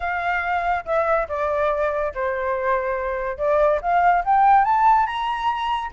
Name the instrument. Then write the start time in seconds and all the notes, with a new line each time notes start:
flute
0.00 F5
0.85 E5
1.28 D5
2.14 C5
3.37 D5
3.81 F5
4.24 G5
4.64 A5
5.06 A#5